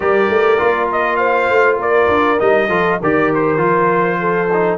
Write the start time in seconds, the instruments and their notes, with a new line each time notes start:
0.00 tuba G3, trombone G4, horn A#4, trumpet D5
0.29 tuba A3
0.58 tuba A#3, trombone F4
0.92 trumpet D#5
1.16 horn C5, trumpet F5
1.49 tuba A3
1.77 tuba A#3, horn A#4, trumpet D5
2.08 tuba D4
2.38 tuba G3, trombone D#4, trumpet D#5
2.68 tuba F3, trombone F4, horn A4
3.00 tuba D#3, trombone G4, horn A#4, trumpet D5
3.34 trumpet C5
3.57 tuba F3, trombone F4
4.19 horn A4
4.53 trombone D#4